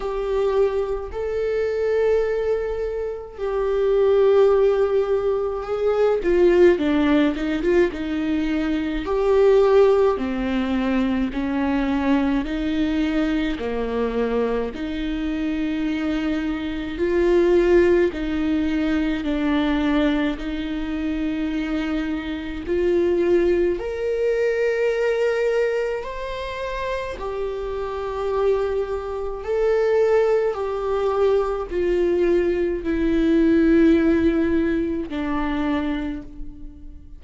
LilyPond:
\new Staff \with { instrumentName = "viola" } { \time 4/4 \tempo 4 = 53 g'4 a'2 g'4~ | g'4 gis'8 f'8 d'8 dis'16 f'16 dis'4 | g'4 c'4 cis'4 dis'4 | ais4 dis'2 f'4 |
dis'4 d'4 dis'2 | f'4 ais'2 c''4 | g'2 a'4 g'4 | f'4 e'2 d'4 | }